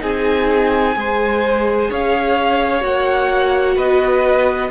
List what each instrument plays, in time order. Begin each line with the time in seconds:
0.00 cello C4, viola D#4, violin G#4 G#5
0.96 cello G#3, viola G#4, violin C5
1.91 cello C#4, violin C#5 F5
2.81 cello A#3, viola F#4, violin F#5
3.76 cello B3, violin B4 D#5